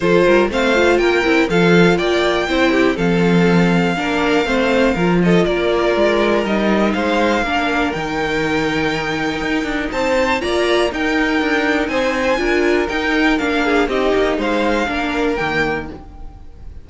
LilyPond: <<
  \new Staff \with { instrumentName = "violin" } { \time 4/4 \tempo 4 = 121 c''4 f''4 g''4 f''4 | g''2 f''2~ | f''2~ f''8 dis''8 d''4~ | d''4 dis''4 f''2 |
g''1 | a''4 ais''4 g''2 | gis''2 g''4 f''4 | dis''4 f''2 g''4 | }
  \new Staff \with { instrumentName = "violin" } { \time 4/4 a'8 ais'8 c''4 ais'4 a'4 | d''4 c''8 g'8 a'2 | ais'4 c''4 ais'8 a'8 ais'4~ | ais'2 c''4 ais'4~ |
ais'1 | c''4 d''4 ais'2 | c''4 ais'2~ ais'8 gis'8 | g'4 c''4 ais'2 | }
  \new Staff \with { instrumentName = "viola" } { \time 4/4 f'4 c'8 f'4 e'8 f'4~ | f'4 e'4 c'2 | d'4 c'4 f'2~ | f'4 dis'2 d'4 |
dis'1~ | dis'4 f'4 dis'2~ | dis'4 f'4 dis'4 d'4 | dis'2 d'4 ais4 | }
  \new Staff \with { instrumentName = "cello" } { \time 4/4 f8 g8 a4 ais8 c'8 f4 | ais4 c'4 f2 | ais4 a4 f4 ais4 | gis4 g4 gis4 ais4 |
dis2. dis'8 d'8 | c'4 ais4 dis'4 d'4 | c'4 d'4 dis'4 ais4 | c'8 ais8 gis4 ais4 dis4 | }
>>